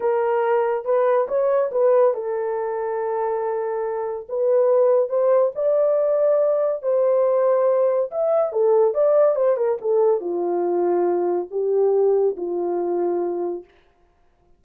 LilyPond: \new Staff \with { instrumentName = "horn" } { \time 4/4 \tempo 4 = 141 ais'2 b'4 cis''4 | b'4 a'2.~ | a'2 b'2 | c''4 d''2. |
c''2. e''4 | a'4 d''4 c''8 ais'8 a'4 | f'2. g'4~ | g'4 f'2. | }